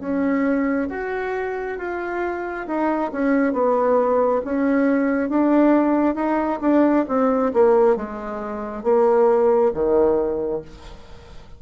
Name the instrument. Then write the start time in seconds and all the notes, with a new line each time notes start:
bassoon
0.00 C#4
0.90 F#4
1.79 F4
2.67 D#4
3.13 C#4
3.53 B3
4.45 C#4
5.29 D4
6.16 D#4
6.61 D4
7.08 C4
7.54 A#3
7.97 G#3
8.84 A#3
9.74 D#3